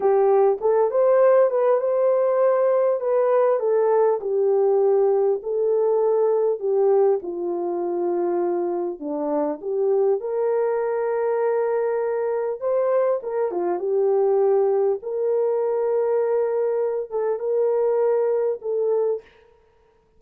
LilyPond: \new Staff \with { instrumentName = "horn" } { \time 4/4 \tempo 4 = 100 g'4 a'8 c''4 b'8 c''4~ | c''4 b'4 a'4 g'4~ | g'4 a'2 g'4 | f'2. d'4 |
g'4 ais'2.~ | ais'4 c''4 ais'8 f'8 g'4~ | g'4 ais'2.~ | ais'8 a'8 ais'2 a'4 | }